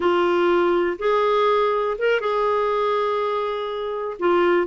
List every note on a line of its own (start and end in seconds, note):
0.00 0.97 F4
0.98 1.97 G#4
1.98 2.20 A#4
2.20 4.17 G#4
4.19 4.67 F4